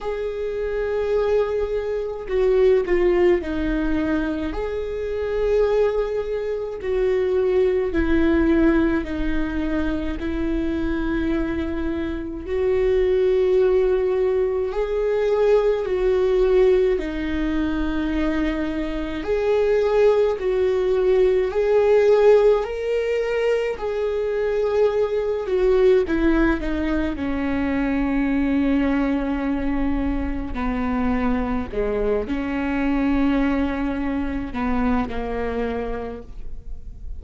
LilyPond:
\new Staff \with { instrumentName = "viola" } { \time 4/4 \tempo 4 = 53 gis'2 fis'8 f'8 dis'4 | gis'2 fis'4 e'4 | dis'4 e'2 fis'4~ | fis'4 gis'4 fis'4 dis'4~ |
dis'4 gis'4 fis'4 gis'4 | ais'4 gis'4. fis'8 e'8 dis'8 | cis'2. b4 | gis8 cis'2 b8 ais4 | }